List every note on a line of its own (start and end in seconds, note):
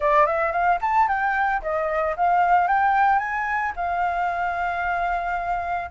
0.00 0.26 D5
0.26 0.52 E5
0.52 0.78 F5
0.81 1.08 A5
1.08 1.61 G5
1.62 2.15 D#5
2.16 2.67 F5
2.67 3.19 G5
3.19 3.72 G#5
3.76 5.90 F5